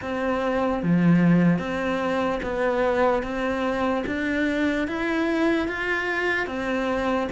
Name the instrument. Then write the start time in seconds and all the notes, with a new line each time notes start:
cello
0.01 C4
0.83 F3
1.58 C4
2.43 B3
3.22 C4
4.06 D4
4.87 E4
5.68 F4
6.46 C4